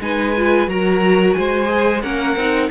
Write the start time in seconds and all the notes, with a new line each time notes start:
0.00 G#3 D#4 B4 G#5
0.37 F4
0.68 F#3 F#4 A#4 A#5
1.33 G#3 C5 G#5
1.67 G#4
2.02 A#3 C#4 A#4 F#5
2.36 C4 D#4